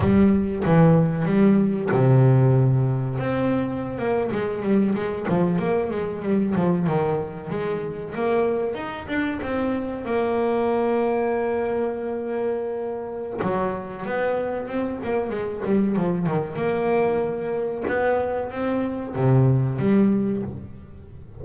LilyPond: \new Staff \with { instrumentName = "double bass" } { \time 4/4 \tempo 4 = 94 g4 e4 g4 c4~ | c4 c'4~ c'16 ais8 gis8 g8 gis16~ | gis16 f8 ais8 gis8 g8 f8 dis4 gis16~ | gis8. ais4 dis'8 d'8 c'4 ais16~ |
ais1~ | ais4 fis4 b4 c'8 ais8 | gis8 g8 f8 dis8 ais2 | b4 c'4 c4 g4 | }